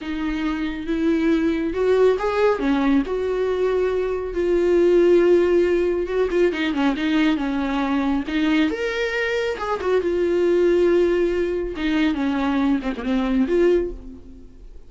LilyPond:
\new Staff \with { instrumentName = "viola" } { \time 4/4 \tempo 4 = 138 dis'2 e'2 | fis'4 gis'4 cis'4 fis'4~ | fis'2 f'2~ | f'2 fis'8 f'8 dis'8 cis'8 |
dis'4 cis'2 dis'4 | ais'2 gis'8 fis'8 f'4~ | f'2. dis'4 | cis'4. c'16 ais16 c'4 f'4 | }